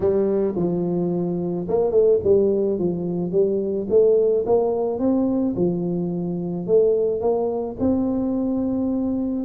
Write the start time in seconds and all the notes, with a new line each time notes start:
0.00 G3
0.56 F3
1.68 A#3
1.91 A3
2.23 G3
2.78 F3
3.31 G3
3.89 A3
4.46 A#3
4.99 C4
5.56 F3
6.67 A3
7.20 A#3
7.79 C4